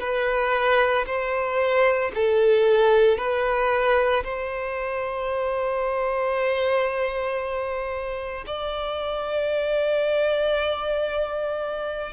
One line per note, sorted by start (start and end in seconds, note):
0.00 1.05 B4
1.07 2.12 C5
2.15 3.18 A4
3.18 4.23 B4
4.24 8.45 C5
8.47 12.13 D5